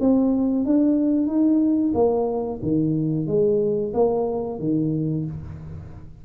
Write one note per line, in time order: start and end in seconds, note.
0.00 0.65 C4
0.65 1.26 D4
1.26 1.92 D#4
1.94 2.60 A#3
2.62 3.27 D#3
3.27 3.93 G#3
3.94 4.59 A#3
4.59 5.25 D#3